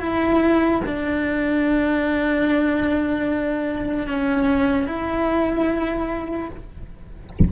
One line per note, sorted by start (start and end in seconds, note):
0.00 0.81 E4
0.86 4.07 D4
4.07 4.87 C#4
4.87 6.49 E4